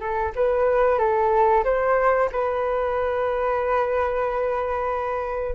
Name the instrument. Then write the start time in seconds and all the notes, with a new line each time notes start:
flute
0.00 A4
0.36 B4
0.99 A4
1.65 C5
2.32 B4